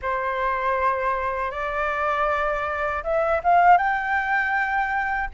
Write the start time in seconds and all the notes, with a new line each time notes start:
0.02 C5
1.51 D5
3.03 E5
3.43 F5
3.77 G5